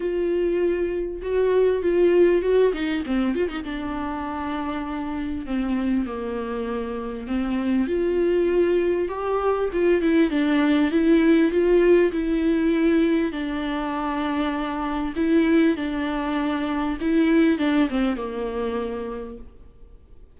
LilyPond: \new Staff \with { instrumentName = "viola" } { \time 4/4 \tempo 4 = 99 f'2 fis'4 f'4 | fis'8 dis'8 c'8 f'16 dis'16 d'2~ | d'4 c'4 ais2 | c'4 f'2 g'4 |
f'8 e'8 d'4 e'4 f'4 | e'2 d'2~ | d'4 e'4 d'2 | e'4 d'8 c'8 ais2 | }